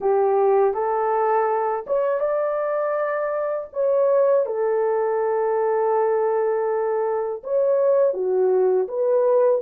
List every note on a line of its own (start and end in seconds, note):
0.00 0.74 G4
0.74 1.85 A4
1.86 2.20 C#5
2.20 3.68 D5
3.72 4.46 C#5
4.46 7.42 A4
7.43 8.13 C#5
8.13 8.87 F#4
8.88 9.61 B4